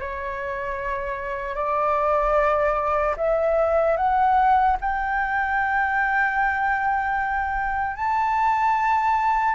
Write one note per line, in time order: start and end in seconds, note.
0.00 1.56 C#5
1.56 3.16 D5
3.17 3.97 E5
3.97 4.77 F#5
4.81 7.97 G5
7.97 9.55 A5